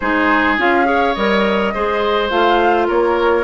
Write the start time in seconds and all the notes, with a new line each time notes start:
0.00 G#3 D#4 G#4 C5
0.58 C#4 F4 F5
0.84 G#4 C#5
1.14 G3 A#4 D#5
1.74 G#3 G#4 C5
2.30 A3 F4 F5
2.87 A#3 A#4 C#5